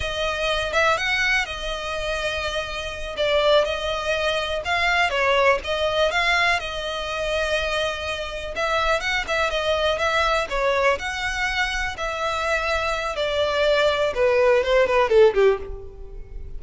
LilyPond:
\new Staff \with { instrumentName = "violin" } { \time 4/4 \tempo 4 = 123 dis''4. e''8 fis''4 dis''4~ | dis''2~ dis''8 d''4 dis''8~ | dis''4. f''4 cis''4 dis''8~ | dis''8 f''4 dis''2~ dis''8~ |
dis''4. e''4 fis''8 e''8 dis''8~ | dis''8 e''4 cis''4 fis''4.~ | fis''8 e''2~ e''8 d''4~ | d''4 b'4 c''8 b'8 a'8 g'8 | }